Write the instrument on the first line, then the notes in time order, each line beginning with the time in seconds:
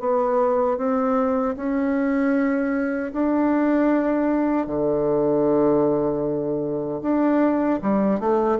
bassoon
0.00 B3
0.78 C4
1.57 C#4
3.13 D4
4.67 D3
7.02 D4
7.82 G3
8.20 A3